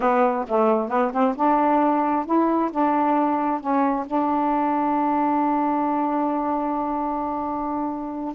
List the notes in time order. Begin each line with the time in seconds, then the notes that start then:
0.00 B3
0.47 A3
0.89 B3
1.12 C4
1.36 D4
2.25 E4
2.71 D4
3.60 C#4
4.06 D4